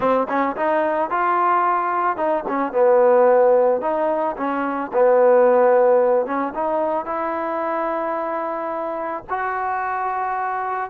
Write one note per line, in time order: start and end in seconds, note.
0.00 0.27 C4
0.29 0.56 C#4
0.56 1.10 D#4
1.10 2.16 F4
2.16 2.44 D#4
2.48 2.72 C#4
2.72 3.81 B3
3.81 4.35 D#4
4.36 4.91 C#4
4.93 6.26 B3
6.26 6.53 C#4
6.54 7.05 D#4
7.05 9.23 E4
9.29 10.90 F#4